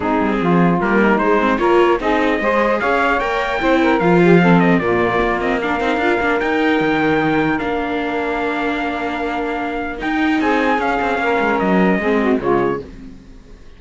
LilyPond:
<<
  \new Staff \with { instrumentName = "trumpet" } { \time 4/4 \tempo 4 = 150 gis'2 ais'4 c''4 | cis''4 dis''2 f''4 | g''2 f''4. dis''8 | d''4. dis''8 f''2 |
g''2. f''4~ | f''1~ | f''4 g''4 gis''4 f''4~ | f''4 dis''2 cis''4 | }
  \new Staff \with { instrumentName = "saxophone" } { \time 4/4 dis'4 f'4. dis'4. | ais'4 gis'4 c''4 cis''4~ | cis''4 c''8 ais'4 g'8 a'4 | f'2 ais'2~ |
ais'1~ | ais'1~ | ais'2 gis'2 | ais'2 gis'8 fis'8 f'4 | }
  \new Staff \with { instrumentName = "viola" } { \time 4/4 c'2 ais4 gis8 c'8 | f'4 dis'4 gis'2 | ais'4 e'4 f'4 c'4 | ais4. c'8 d'8 dis'8 f'8 d'8 |
dis'2. d'4~ | d'1~ | d'4 dis'2 cis'4~ | cis'2 c'4 gis4 | }
  \new Staff \with { instrumentName = "cello" } { \time 4/4 gis8 g8 f4 g4 gis4 | ais4 c'4 gis4 cis'4 | ais4 c'4 f2 | ais,4 ais4. c'8 d'8 ais8 |
dis'4 dis2 ais4~ | ais1~ | ais4 dis'4 c'4 cis'8 c'8 | ais8 gis8 fis4 gis4 cis4 | }
>>